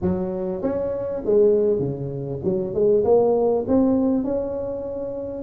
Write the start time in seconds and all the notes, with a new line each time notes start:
0.01 F#3
0.62 C#4
1.25 G#3
1.79 C#3
2.44 F#3
2.74 G#3
3.04 A#3
3.67 C4
4.24 C#4